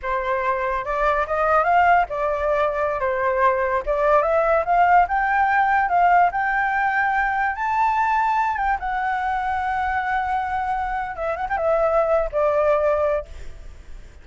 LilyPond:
\new Staff \with { instrumentName = "flute" } { \time 4/4 \tempo 4 = 145 c''2 d''4 dis''4 | f''4 d''2~ d''16 c''8.~ | c''4~ c''16 d''4 e''4 f''8.~ | f''16 g''2 f''4 g''8.~ |
g''2~ g''16 a''4.~ a''16~ | a''8. g''8 fis''2~ fis''8.~ | fis''2. e''8 fis''16 g''16 | e''4.~ e''16 d''2~ d''16 | }